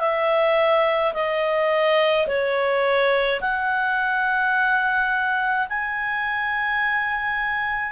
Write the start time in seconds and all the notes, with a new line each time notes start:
0.00 E5
1.13 D#5
2.27 C#5
3.41 F#5
5.69 G#5